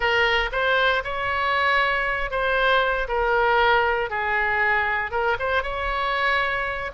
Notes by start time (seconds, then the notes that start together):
0.00 A#4
0.52 C5
1.03 C#5
2.30 C5
3.08 A#4
4.10 G#4
5.11 A#4
5.39 C5
5.62 C#5